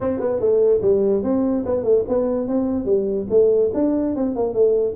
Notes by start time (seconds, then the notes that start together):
0.01 C4
0.20 B3
0.39 A3
0.81 G3
1.23 C4
1.65 B3
1.83 A3
2.08 B3
2.47 C4
2.85 G3
3.30 A3
3.74 D4
4.15 C4
4.35 A#3
4.53 A3